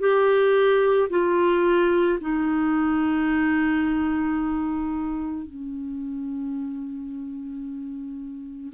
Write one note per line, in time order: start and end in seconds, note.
0.00 1.09 G4
1.10 2.19 F4
2.21 5.46 D#4
5.46 8.74 C#4